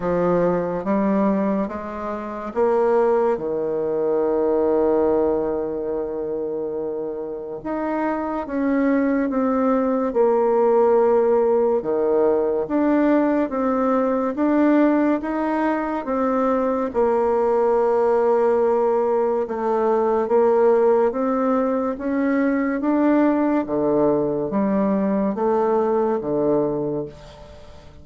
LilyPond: \new Staff \with { instrumentName = "bassoon" } { \time 4/4 \tempo 4 = 71 f4 g4 gis4 ais4 | dis1~ | dis4 dis'4 cis'4 c'4 | ais2 dis4 d'4 |
c'4 d'4 dis'4 c'4 | ais2. a4 | ais4 c'4 cis'4 d'4 | d4 g4 a4 d4 | }